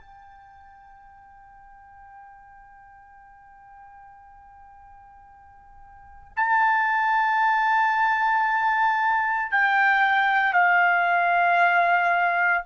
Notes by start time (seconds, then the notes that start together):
0.00 G5
6.36 A5
9.51 G5
10.53 F5